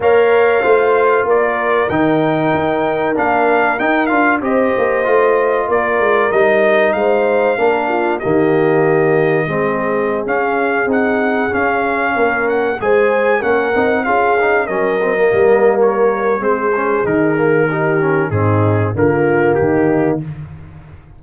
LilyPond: <<
  \new Staff \with { instrumentName = "trumpet" } { \time 4/4 \tempo 4 = 95 f''2 d''4 g''4~ | g''4 f''4 g''8 f''8 dis''4~ | dis''4 d''4 dis''4 f''4~ | f''4 dis''2.~ |
dis''16 f''4 fis''4 f''4. fis''16~ | fis''16 gis''4 fis''4 f''4 dis''8.~ | dis''4 cis''4 c''4 ais'4~ | ais'4 gis'4 ais'4 g'4 | }
  \new Staff \with { instrumentName = "horn" } { \time 4/4 cis''4 c''4 ais'2~ | ais'2. c''4~ | c''4 ais'2 c''4 | ais'8 f'8 g'2 gis'4~ |
gis'2.~ gis'16 ais'8.~ | ais'16 c''4 ais'4 gis'4 ais'8.~ | ais'2 gis'2 | g'4 dis'4 f'4 dis'4 | }
  \new Staff \with { instrumentName = "trombone" } { \time 4/4 ais'4 f'2 dis'4~ | dis'4 d'4 dis'8 f'8 g'4 | f'2 dis'2 | d'4 ais2 c'4~ |
c'16 cis'4 dis'4 cis'4.~ cis'16~ | cis'16 gis'4 cis'8 dis'8 f'8 dis'8 cis'8 c'16 | ais2 c'8 cis'8 dis'8 ais8 | dis'8 cis'8 c'4 ais2 | }
  \new Staff \with { instrumentName = "tuba" } { \time 4/4 ais4 a4 ais4 dis4 | dis'4 ais4 dis'8 d'8 c'8 ais8 | a4 ais8 gis8 g4 gis4 | ais4 dis2 gis4~ |
gis16 cis'4 c'4 cis'4 ais8.~ | ais16 gis4 ais8 c'8 cis'4 fis8.~ | fis16 g4.~ g16 gis4 dis4~ | dis4 gis,4 d4 dis4 | }
>>